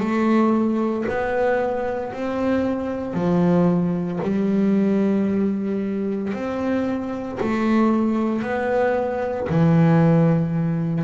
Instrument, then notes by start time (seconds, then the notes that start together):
double bass
0.00 A3
1.09 B3
2.13 C4
3.14 F3
4.23 G3
6.33 C4
7.40 A3
8.43 B3
9.49 E3